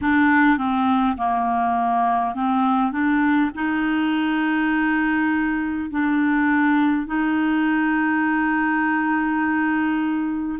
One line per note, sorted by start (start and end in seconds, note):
0.01 0.57 D4
0.57 1.16 C4
1.17 2.34 A#3
2.34 2.91 C4
2.91 3.50 D4
3.55 5.90 D#4
5.90 7.06 D4
7.06 10.59 D#4